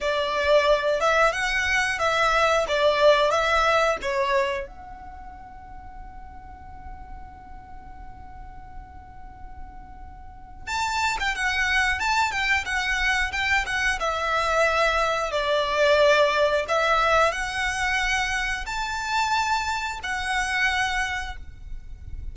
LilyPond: \new Staff \with { instrumentName = "violin" } { \time 4/4 \tempo 4 = 90 d''4. e''8 fis''4 e''4 | d''4 e''4 cis''4 fis''4~ | fis''1~ | fis''1 |
a''8. g''16 fis''4 a''8 g''8 fis''4 | g''8 fis''8 e''2 d''4~ | d''4 e''4 fis''2 | a''2 fis''2 | }